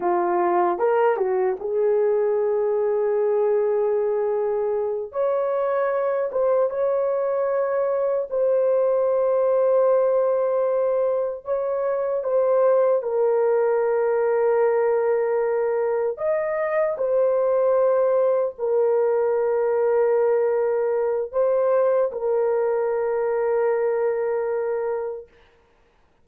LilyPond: \new Staff \with { instrumentName = "horn" } { \time 4/4 \tempo 4 = 76 f'4 ais'8 fis'8 gis'2~ | gis'2~ gis'8 cis''4. | c''8 cis''2 c''4.~ | c''2~ c''8 cis''4 c''8~ |
c''8 ais'2.~ ais'8~ | ais'8 dis''4 c''2 ais'8~ | ais'2. c''4 | ais'1 | }